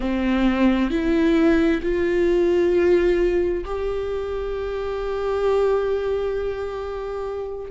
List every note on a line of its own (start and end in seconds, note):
0.00 0.90 C4
0.90 1.81 E4
1.82 3.64 F4
3.64 7.70 G4